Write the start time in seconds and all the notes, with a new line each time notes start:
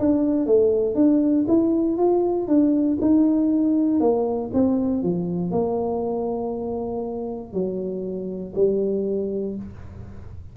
0.00 D4
0.47 A3
0.96 D4
1.48 E4
1.98 F4
2.48 D4
3.01 D#4
4.01 A#3
4.54 C4
5.03 F3
5.52 A#3
7.53 F#3
8.56 G3